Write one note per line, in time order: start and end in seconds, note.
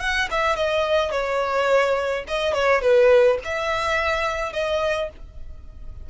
0.00 0.28 F#5
0.31 0.56 E5
0.56 1.11 D#5
1.11 2.24 C#5
2.27 2.53 D#5
2.53 2.81 C#5
2.81 3.38 B4
3.44 4.53 E5
4.53 5.09 D#5